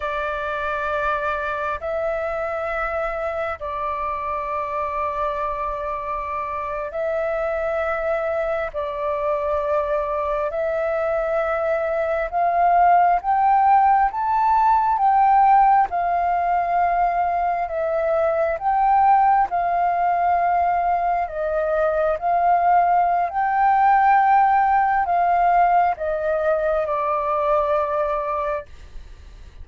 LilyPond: \new Staff \with { instrumentName = "flute" } { \time 4/4 \tempo 4 = 67 d''2 e''2 | d''2.~ d''8. e''16~ | e''4.~ e''16 d''2 e''16~ | e''4.~ e''16 f''4 g''4 a''16~ |
a''8. g''4 f''2 e''16~ | e''8. g''4 f''2 dis''16~ | dis''8. f''4~ f''16 g''2 | f''4 dis''4 d''2 | }